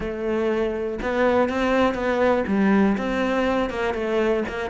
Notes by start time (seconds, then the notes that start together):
0.00 A3
1.02 B3
1.49 C4
1.94 B3
2.47 G3
2.97 C4
3.69 A#3
3.94 A3
4.48 A#3